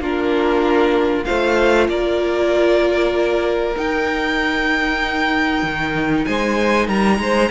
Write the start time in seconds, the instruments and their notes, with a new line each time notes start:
0.00 cello A#3, viola D4, violin F4 A#4
1.25 cello A3, viola F4, violin C5 F5
1.89 cello A#3, violin A#4 D5
3.76 viola D#4, cello D#4, violin G5
5.63 cello D#3
6.26 cello G#3, violin C5 G#5
6.88 cello G3, violin A#4 A#5
7.19 cello G#3, violin C5